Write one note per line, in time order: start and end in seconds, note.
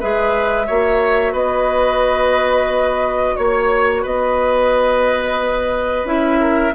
0.00 0.70 G#3
0.00 0.65 G#4
0.00 0.67 B4
0.00 1.35 E5
0.65 1.34 A#3
0.65 6.04 F#4
0.65 1.33 C#5
1.33 3.36 B3
1.33 3.35 B4
1.33 3.37 D#5
3.37 4.05 A#3
3.37 4.04 C#5
3.37 4.03 C#5
4.03 6.04 B3
4.03 6.39 B4
4.03 6.07 D#5
6.04 6.72 C#4
6.04 6.74 E4
6.04 6.75 E5
6.40 6.74 A#4